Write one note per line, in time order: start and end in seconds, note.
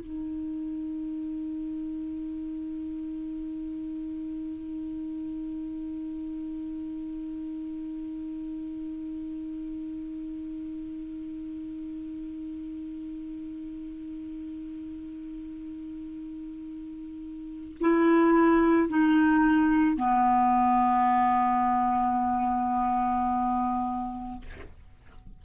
0.00 17.78 D#4
17.80 18.88 E4
18.88 19.97 D#4
19.97 24.41 B3